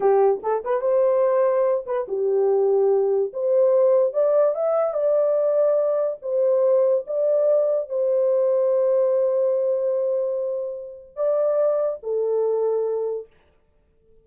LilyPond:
\new Staff \with { instrumentName = "horn" } { \time 4/4 \tempo 4 = 145 g'4 a'8 b'8 c''2~ | c''8 b'8 g'2. | c''2 d''4 e''4 | d''2. c''4~ |
c''4 d''2 c''4~ | c''1~ | c''2. d''4~ | d''4 a'2. | }